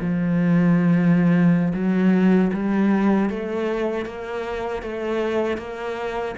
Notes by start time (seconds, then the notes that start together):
0.00 F3
1.74 F#3
2.53 G3
3.30 A3
4.06 A#3
4.83 A3
5.58 A#3